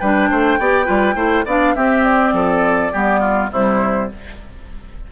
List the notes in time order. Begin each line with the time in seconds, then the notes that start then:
0.00 G3 D4 B4 G5
0.31 A3 C5
0.59 B3 G4 D5
0.85 G3 F4 B4
1.15 A3 E4 C5
1.46 B3 D4 D5 F5
1.76 C4 G4 E5
2.03 D5
2.33 F3 A4
2.93 G3 B3 G4
3.20 F4
3.52 C3 G3 E4 C5